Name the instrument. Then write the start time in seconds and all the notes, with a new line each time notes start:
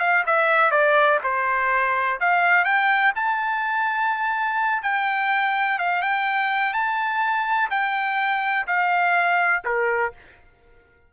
trumpet
0.00 F5
0.27 E5
0.72 D5
1.24 C5
2.21 F5
2.65 G5
3.15 A5
4.83 G5
5.79 F5
6.02 G5
6.74 A5
7.71 G5
8.67 F5
9.65 A#4